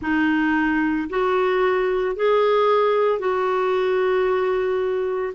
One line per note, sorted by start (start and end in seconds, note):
0.01 1.08 D#4
1.09 2.16 F#4
2.16 3.19 G#4
3.19 5.33 F#4